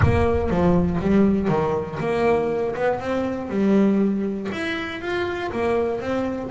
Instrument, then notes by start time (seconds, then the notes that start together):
double bass
0.02 A#3
0.50 F3
1.00 G3
1.48 D#3
1.99 A#3
2.75 B3
3.00 C4
3.49 G3
4.52 E4
5.01 F4
5.52 A#3
6.00 C4